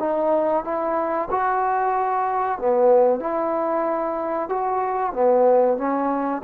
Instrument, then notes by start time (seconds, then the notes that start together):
trombone
0.00 D#4
0.65 E4
1.31 F#4
2.59 B3
3.21 E4
4.50 F#4
5.13 B3
5.78 C#4